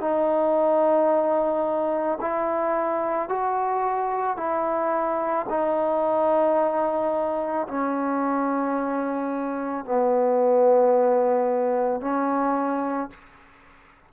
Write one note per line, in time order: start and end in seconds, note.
0.00 2.18 D#4
2.20 3.29 E4
3.29 4.37 F#4
4.37 5.46 E4
5.49 7.67 D#4
7.67 9.84 C#4
9.84 12.00 B3
12.00 13.10 C#4